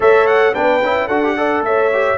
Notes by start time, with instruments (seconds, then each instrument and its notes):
0.00 tuba A3, trombone A4, horn C#5, trumpet E5
0.26 trumpet F#5
0.53 tuba B3, trombone D4, horn B4, trumpet G5
0.82 tuba C#4, trombone E4
1.06 tuba D4, trombone F#4, horn A4, trumpet F#5
1.23 trombone G4
1.36 trombone A4, horn D5
1.61 tuba A3, horn C#5, trumpet E5
1.93 trombone G4